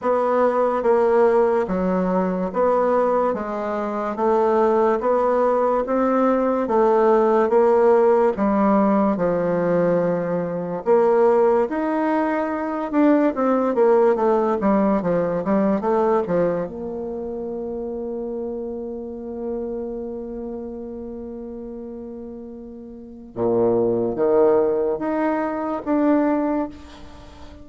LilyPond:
\new Staff \with { instrumentName = "bassoon" } { \time 4/4 \tempo 4 = 72 b4 ais4 fis4 b4 | gis4 a4 b4 c'4 | a4 ais4 g4 f4~ | f4 ais4 dis'4. d'8 |
c'8 ais8 a8 g8 f8 g8 a8 f8 | ais1~ | ais1 | ais,4 dis4 dis'4 d'4 | }